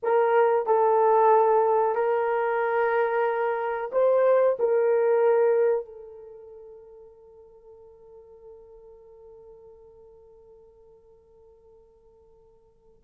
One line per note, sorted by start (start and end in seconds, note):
0.02 0.66 A#4
0.66 1.95 A4
1.95 3.90 A#4
3.91 4.57 C5
4.59 5.85 A#4
5.85 13.02 A4